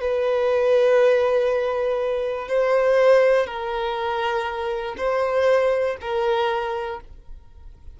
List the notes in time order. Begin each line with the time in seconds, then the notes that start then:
0.00 B4
2.48 C5
3.46 A#4
4.97 C5
6.01 A#4